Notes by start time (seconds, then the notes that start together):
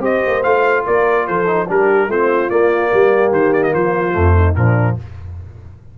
0.00 C4 G4 C5 D#5
0.27 A#3
0.43 A3 F4 F5
0.85 A#3 A#4 D5
1.27 F3 A4 C5
1.47 D#4
1.68 G3 D4 G4 A#4
2.08 A3 C4 F4 C5
2.50 A#3 D5
2.93 G3 G4
3.32 D#3 C5
3.53 D5
3.63 D#5
3.74 F3 F4 C5
4.13 F2 A3
4.36 D#4
4.56 A#2 F3 D4 A#4